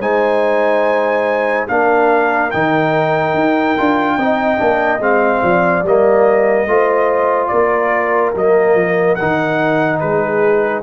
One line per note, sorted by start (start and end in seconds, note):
0.00 1.67 G#3
0.00 1.68 D#4
0.00 1.69 C5
0.00 1.68 G#5
1.68 2.52 A#3
1.68 2.51 D4
1.68 4.17 A#4
1.68 2.51 F5
2.51 3.34 D#3
2.51 3.78 D#4
2.51 5.01 G5
3.34 3.76 D#4
3.78 4.18 D4
3.78 4.19 F4
4.17 4.59 C4
4.17 4.58 D#4
4.17 5.42 D#5
4.58 5.00 A#3
4.58 5.00 D4
5.00 5.41 G#3
5.00 5.84 C4
5.00 5.86 F5
5.43 5.84 F3
5.43 6.68 D5
5.84 6.67 G3
5.84 6.68 A#3
5.84 7.48 D#5
6.67 7.50 A3
6.67 8.35 F4
6.67 7.52 C5
7.48 8.35 A#3
7.48 10.02 A#4
7.48 8.31 D5
8.35 8.75 F#3
8.35 9.19 A#3
8.35 9.16 D#5
8.75 9.17 F3
9.16 10.83 D#4
9.16 9.99 F#5
9.22 10.03 D#3
10.00 10.83 G#3
10.00 10.83 G#4
10.00 10.83 B4